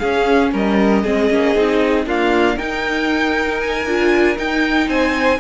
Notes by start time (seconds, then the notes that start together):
0.00 C#4 G#4 F5
0.07 C#4
0.54 G3 A#4 D#5
1.04 G#3 C4 G#4
1.31 A#3 C#4
1.55 C4 D#4
2.06 A#3 D4 F4 F5
2.57 D#4 A#4 G5
3.61 G#5
3.86 D4 F4
4.37 D#4 G5
4.88 C4 C5 G#5